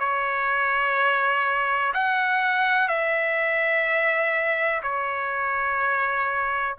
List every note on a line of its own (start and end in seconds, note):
0.00 1.94 C#5
1.94 2.89 F#5
2.89 4.82 E5
4.83 6.77 C#5